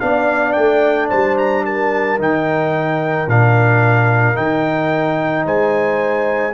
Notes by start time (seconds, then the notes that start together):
0.00 B3 D4 D5 F5
0.53 A3 G5
1.10 G3 C5 A5
1.38 A#5
1.65 A#4 A5
2.19 D#3 D#4 G5
3.28 A#2 D4 F5
4.35 D#3 D#4 G5
5.45 G#3 C5 G#5